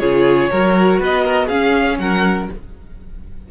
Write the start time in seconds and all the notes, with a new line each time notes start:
0.00 C#3 F4 G#4 C#5
0.51 F#3 F#4 A#4
1.00 B3 B4 D#5
1.25 A#4
1.47 C#4 G#4 F5
1.99 F#3 A#4 F#5